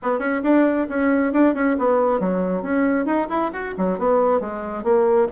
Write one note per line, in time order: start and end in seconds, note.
0.02 0.19 B3
0.19 0.41 C#4
0.43 0.87 D4
0.89 1.32 C#4
1.32 1.54 D4
1.54 1.76 C#4
1.78 2.20 B3
2.20 2.62 F#3
2.62 3.05 C#4
3.05 3.27 D#4
3.29 3.51 E4
3.52 3.74 F#4
3.77 3.98 F#3
3.98 4.40 B3
4.40 4.83 G#3
4.83 5.27 A#3